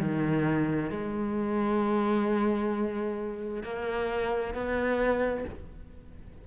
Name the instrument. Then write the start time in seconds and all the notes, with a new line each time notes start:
cello
0.00 D#3
0.91 G#3
3.64 A#3
4.54 B3